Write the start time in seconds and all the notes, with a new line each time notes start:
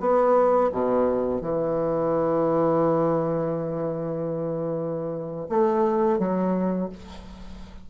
0.00 B3
0.72 B2
1.41 E3
5.50 A3
6.19 F#3